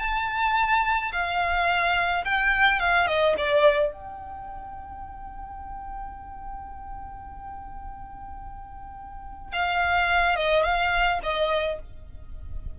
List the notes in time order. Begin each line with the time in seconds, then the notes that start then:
0.00 A5
1.13 F5
2.25 G5
2.80 F5
3.07 D#5
3.38 D5
3.93 G5
9.53 F5
10.37 D#5
10.64 F5
11.24 D#5